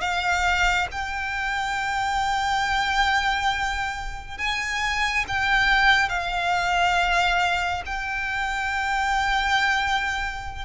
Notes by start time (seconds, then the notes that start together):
0.00 F5
0.91 G5
4.38 G#5
5.27 G5
6.09 F5
7.85 G5